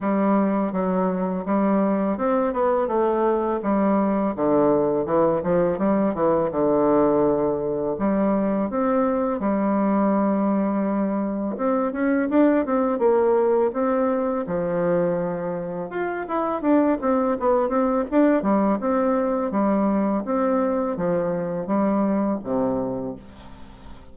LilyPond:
\new Staff \with { instrumentName = "bassoon" } { \time 4/4 \tempo 4 = 83 g4 fis4 g4 c'8 b8 | a4 g4 d4 e8 f8 | g8 e8 d2 g4 | c'4 g2. |
c'8 cis'8 d'8 c'8 ais4 c'4 | f2 f'8 e'8 d'8 c'8 | b8 c'8 d'8 g8 c'4 g4 | c'4 f4 g4 c4 | }